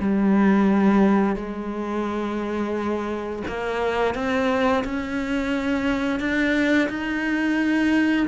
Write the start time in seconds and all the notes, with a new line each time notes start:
0.00 G3
1.36 G#3
3.48 A#3
4.15 C4
4.85 C#4
6.20 D4
6.89 D#4